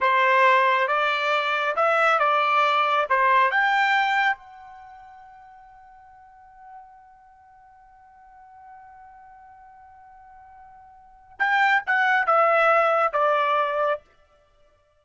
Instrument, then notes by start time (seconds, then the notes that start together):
trumpet
0.00 C5
0.87 D5
1.76 E5
2.19 D5
3.09 C5
3.50 G5
4.37 F#5
11.39 G5
11.86 F#5
12.26 E5
13.12 D5